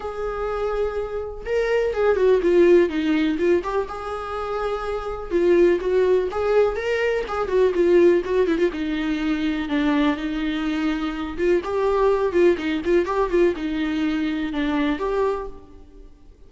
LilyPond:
\new Staff \with { instrumentName = "viola" } { \time 4/4 \tempo 4 = 124 gis'2. ais'4 | gis'8 fis'8 f'4 dis'4 f'8 g'8 | gis'2. f'4 | fis'4 gis'4 ais'4 gis'8 fis'8 |
f'4 fis'8 e'16 f'16 dis'2 | d'4 dis'2~ dis'8 f'8 | g'4. f'8 dis'8 f'8 g'8 f'8 | dis'2 d'4 g'4 | }